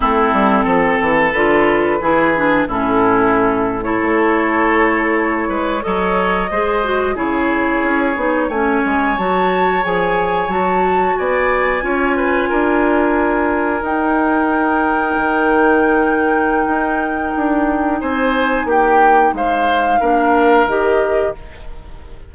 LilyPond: <<
  \new Staff \with { instrumentName = "flute" } { \time 4/4 \tempo 4 = 90 a'2 b'2 | a'4.~ a'16 cis''2~ cis''16~ | cis''8. dis''2 cis''4~ cis''16~ | cis''8. gis''4 a''4 gis''4 a''16~ |
a''8. gis''2.~ gis''16~ | gis''8. g''2.~ g''16~ | g''2. gis''4 | g''4 f''2 dis''4 | }
  \new Staff \with { instrumentName = "oboe" } { \time 4/4 e'4 a'2 gis'4 | e'4.~ e'16 a'2~ a'16~ | a'16 b'8 cis''4 c''4 gis'4~ gis'16~ | gis'8. cis''2.~ cis''16~ |
cis''8. d''4 cis''8 b'8 ais'4~ ais'16~ | ais'1~ | ais'2. c''4 | g'4 c''4 ais'2 | }
  \new Staff \with { instrumentName = "clarinet" } { \time 4/4 c'2 f'4 e'8 d'8 | cis'4.~ cis'16 e'2~ e'16~ | e'8. a'4 gis'8 fis'8 e'4~ e'16~ | e'16 dis'8 cis'4 fis'4 gis'4 fis'16~ |
fis'4.~ fis'16 f'2~ f'16~ | f'8. dis'2.~ dis'16~ | dis'1~ | dis'2 d'4 g'4 | }
  \new Staff \with { instrumentName = "bassoon" } { \time 4/4 a8 g8 f8 e8 d4 e4 | a,2 a2~ | a16 gis8 fis4 gis4 cis4 cis'16~ | cis'16 b8 a8 gis8 fis4 f4 fis16~ |
fis8. b4 cis'4 d'4~ d'16~ | d'8. dis'2 dis4~ dis16~ | dis4 dis'4 d'4 c'4 | ais4 gis4 ais4 dis4 | }
>>